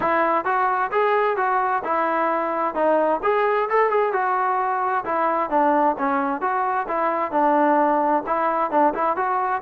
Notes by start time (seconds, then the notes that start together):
0.00 E4
0.45 F#4
0.91 G#4
1.36 F#4
1.84 E4
2.74 D#4
3.22 G#4
3.69 A4
3.89 G#4
4.12 F#4
5.05 E4
5.50 D4
5.98 C#4
6.41 F#4
6.88 E4
7.31 D4
8.26 E4
8.70 D4
8.94 E4
9.16 F#4